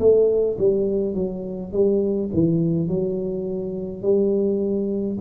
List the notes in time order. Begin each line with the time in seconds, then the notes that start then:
0.00 A3
0.59 G3
1.15 F#3
1.73 G3
2.34 E3
2.88 F#3
4.03 G3